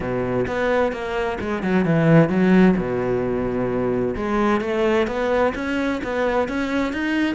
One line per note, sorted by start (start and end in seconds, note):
0.00 0.46 B2
0.47 0.92 B3
0.92 1.38 A#3
1.40 1.62 G#3
1.62 1.85 F#3
1.85 2.29 E3
2.29 2.75 F#3
2.76 4.15 B2
4.16 4.60 G#3
4.60 5.07 A3
5.07 5.53 B3
5.54 6.01 C#4
6.03 6.48 B3
6.48 6.92 C#4
6.92 7.35 D#4